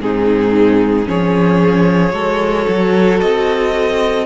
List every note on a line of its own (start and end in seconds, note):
0.00 1.07 G#2
0.00 1.05 C4
0.00 1.08 D#4
0.00 1.08 G#4
1.05 2.13 F3
1.05 2.11 C#4
1.05 2.14 G#4
1.05 3.21 C#5
2.11 2.67 G#3
2.11 4.25 F#4
2.11 4.26 A4
2.68 3.22 F#3
3.21 4.26 C4
3.21 4.26 D#5